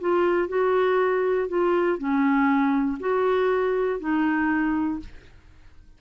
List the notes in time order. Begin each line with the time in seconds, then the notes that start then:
0.00 F4
0.48 F#4
1.48 F4
1.98 C#4
3.00 F#4
4.00 D#4